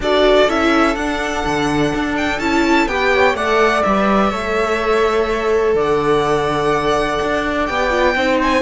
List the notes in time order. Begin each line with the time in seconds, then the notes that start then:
0.00 D4 F#4 A4 D5
0.47 C#4 E4 E5
0.95 D4 F#5
1.45 D3
1.94 D4
2.17 G5
2.39 C#4 E4 A5
2.86 B3 G4 B4 G5
3.14 C#5
3.34 A3 A4 D5 F#5
3.83 G3 B4 E5
4.31 A3 A4 C#5
5.74 D3 D5
5.80 F#5
7.22 D4
7.65 B3 G4 G5
7.90 F4
8.15 C4 D#4 C5
8.42 G#5